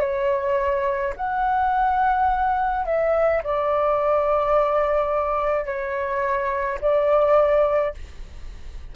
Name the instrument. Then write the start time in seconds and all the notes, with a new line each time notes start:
flute
0.00 C#5
1.16 F#5
2.86 E5
3.43 D5
5.66 C#5
6.81 D5